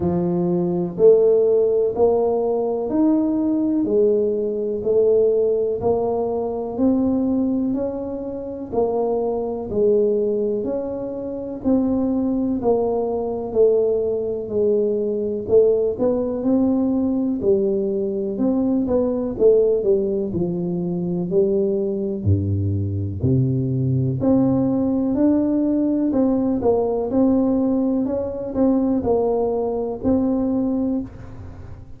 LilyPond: \new Staff \with { instrumentName = "tuba" } { \time 4/4 \tempo 4 = 62 f4 a4 ais4 dis'4 | gis4 a4 ais4 c'4 | cis'4 ais4 gis4 cis'4 | c'4 ais4 a4 gis4 |
a8 b8 c'4 g4 c'8 b8 | a8 g8 f4 g4 g,4 | c4 c'4 d'4 c'8 ais8 | c'4 cis'8 c'8 ais4 c'4 | }